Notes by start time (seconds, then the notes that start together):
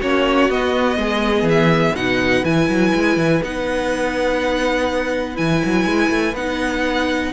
0.00 A#3 C#4 F#4 C#5
0.49 B3 D#5
0.97 G#3 G#4
1.42 E3
1.49 E5
1.95 B2 D#4 B4 F#5
2.44 E3 E4 G#5
2.69 F#3
2.94 G#3
3.17 E3
3.43 B3 D#4 F#5
5.35 E3 E4 G#5
5.65 F#3
5.85 G#3
6.10 A3
6.34 B3 D#4 F#5